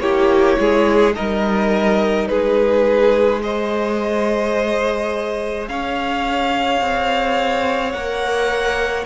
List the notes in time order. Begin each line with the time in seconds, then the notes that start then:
0.00 A#3 E4 G4 C#5
0.59 G#3 G#4
1.15 G3 D#4 A#4 D#5
2.28 G#3 G#4 B4
3.40 G#4 C5 D#5
5.68 C#4 C#5 F5
6.81 C4
7.91 A#3 A#4 F#5